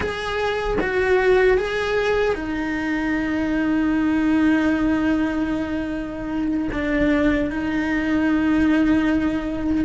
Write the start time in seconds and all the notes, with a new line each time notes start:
0.00 G#4
0.80 F#4
1.57 G#4
2.34 D#4
6.72 D4
7.50 D#4